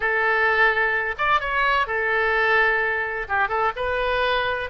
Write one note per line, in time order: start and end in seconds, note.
0.00 1.15 A4
1.18 1.40 D5
1.40 1.86 C#5
1.86 3.27 A4
3.28 3.48 G4
3.48 3.71 A4
3.76 4.70 B4